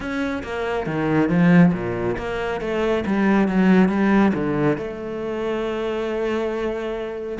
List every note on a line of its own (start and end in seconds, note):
0.00 0.42 C#4
0.43 0.86 A#3
0.86 1.29 D#3
1.29 1.72 F3
1.73 2.16 A#2
2.17 2.61 A#3
2.61 3.04 A3
3.06 3.48 G3
3.48 3.88 F#3
3.88 4.32 G3
4.34 4.77 D3
4.77 7.38 A3